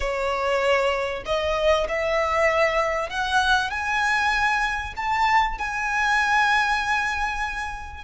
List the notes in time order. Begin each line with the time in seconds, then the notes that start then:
0.00 C#5
1.25 D#5
1.88 E5
3.09 F#5
3.70 G#5
4.96 A5
5.58 G#5